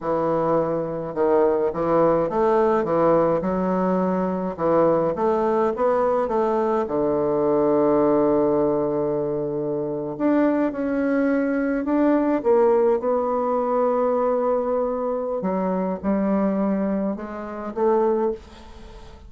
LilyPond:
\new Staff \with { instrumentName = "bassoon" } { \time 4/4 \tempo 4 = 105 e2 dis4 e4 | a4 e4 fis2 | e4 a4 b4 a4 | d1~ |
d4.~ d16 d'4 cis'4~ cis'16~ | cis'8. d'4 ais4 b4~ b16~ | b2. fis4 | g2 gis4 a4 | }